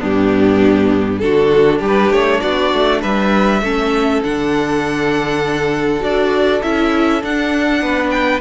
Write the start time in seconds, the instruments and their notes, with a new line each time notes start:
0.00 cello G2, viola B3, violin D4 G4
1.19 cello D3, viola D4, violin F#4 A4
1.79 cello G3, violin G4
1.87 violin B4
2.10 cello A3, violin C#5
2.41 cello B3, violin F#4 D5
2.73 cello A3
3.02 cello G3, violin B4 E5
3.62 cello A3, viola C#4, violin A4
4.24 cello D3, viola D4, violin F#5
6.01 cello D4, viola F#4, violin D5
6.62 cello C#4, viola E4, violin E5
7.21 viola D4, cello D4, violin F#5
7.82 cello B3, violin B4
8.11 violin G5